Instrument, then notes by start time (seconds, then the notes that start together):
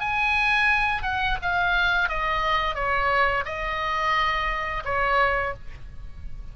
oboe
0.00 G#5
1.03 F#5
1.42 F5
2.09 D#5
2.75 C#5
3.45 D#5
4.85 C#5